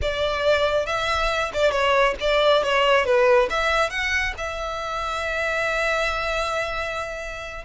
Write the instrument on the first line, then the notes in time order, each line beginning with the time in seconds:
violin
0.01 D5
0.86 E5
1.53 D5
1.71 C#5
2.20 D5
2.63 C#5
3.05 B4
3.50 E5
3.90 F#5
4.37 E5